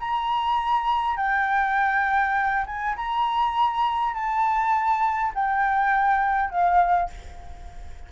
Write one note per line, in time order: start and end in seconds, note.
0.00 1.17 A#5
1.17 2.65 G5
2.67 2.96 G#5
2.96 4.14 A#5
4.14 5.33 A5
5.35 6.50 G5
6.50 7.10 F5